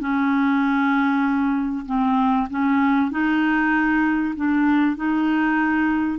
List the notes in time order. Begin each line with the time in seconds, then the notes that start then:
0.00 C#4
1.86 C4
2.50 C#4
3.11 D#4
4.36 D4
4.96 D#4